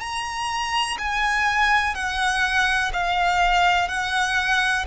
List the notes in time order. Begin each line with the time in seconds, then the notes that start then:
0.00 A#5
0.98 G#5
1.94 F#5
2.93 F5
3.88 F#5